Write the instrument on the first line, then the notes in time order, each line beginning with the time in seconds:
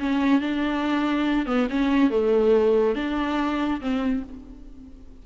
viola
0.00 C#4
0.41 D4
1.46 B3
1.70 C#4
2.10 A3
2.96 D4
3.81 C4